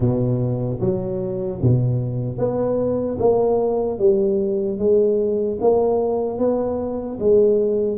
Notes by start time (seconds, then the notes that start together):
0.00 B2
0.80 F#3
1.61 B2
2.37 B3
3.19 A#3
3.99 G3
4.78 G#3
5.60 A#3
6.38 B3
7.19 G#3